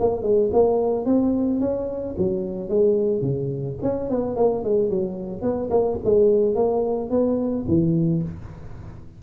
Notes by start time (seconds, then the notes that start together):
0.00 A#3
0.23 G#3
0.53 A#3
1.06 C4
1.61 C#4
2.18 F#3
2.69 G#3
3.22 C#3
3.83 C#4
4.10 B3
4.36 A#3
4.64 G#3
4.90 F#3
5.42 B3
5.70 A#3
6.05 G#3
6.56 A#3
7.11 B3
7.68 E3